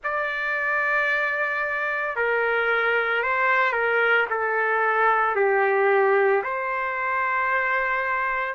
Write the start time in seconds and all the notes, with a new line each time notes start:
0.03 D5
2.15 A#4
3.22 C5
3.72 A#4
4.30 A4
5.35 G4
6.43 C5